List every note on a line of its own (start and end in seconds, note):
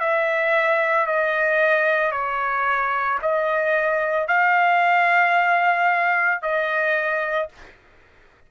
0.00 1.07 E5
1.07 2.12 D#5
2.12 3.19 C#5
3.22 4.28 D#5
4.28 6.42 F5
6.42 7.49 D#5